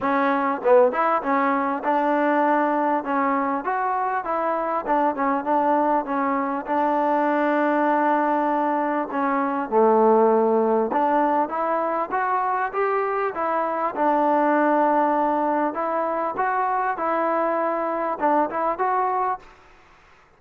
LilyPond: \new Staff \with { instrumentName = "trombone" } { \time 4/4 \tempo 4 = 99 cis'4 b8 e'8 cis'4 d'4~ | d'4 cis'4 fis'4 e'4 | d'8 cis'8 d'4 cis'4 d'4~ | d'2. cis'4 |
a2 d'4 e'4 | fis'4 g'4 e'4 d'4~ | d'2 e'4 fis'4 | e'2 d'8 e'8 fis'4 | }